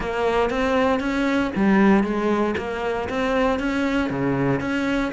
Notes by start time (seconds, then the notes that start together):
0.00 A#3
0.49 C4
1.00 C#4
1.55 G3
2.03 G#3
2.57 A#3
3.09 C4
3.59 C#4
4.10 C#3
4.60 C#4